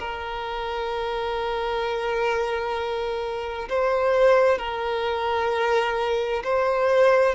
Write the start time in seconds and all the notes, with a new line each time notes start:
0.00 A#4
3.69 C5
4.59 A#4
6.44 C5